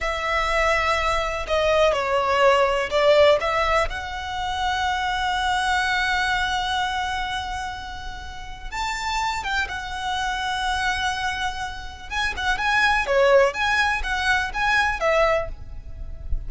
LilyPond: \new Staff \with { instrumentName = "violin" } { \time 4/4 \tempo 4 = 124 e''2. dis''4 | cis''2 d''4 e''4 | fis''1~ | fis''1~ |
fis''2 a''4. g''8 | fis''1~ | fis''4 gis''8 fis''8 gis''4 cis''4 | gis''4 fis''4 gis''4 e''4 | }